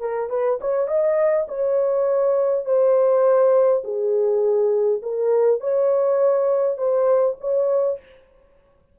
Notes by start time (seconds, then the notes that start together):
0.00 A#4
0.30 B4
0.61 C#5
0.87 D#5
1.48 C#5
2.65 C5
3.84 G#4
5.02 A#4
5.60 C#5
6.78 C5
7.40 C#5